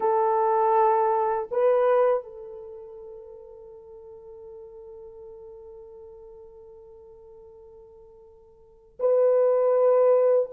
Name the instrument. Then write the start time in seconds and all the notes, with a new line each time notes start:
horn
0.00 A4
1.51 B4
2.23 A4
8.99 B4